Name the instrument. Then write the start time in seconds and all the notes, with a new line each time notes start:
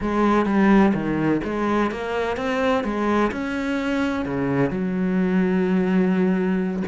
cello
0.00 G#3
0.45 G3
0.93 D#3
1.43 G#3
1.91 A#3
2.36 C4
2.84 G#3
3.31 C#4
4.25 C#3
4.70 F#3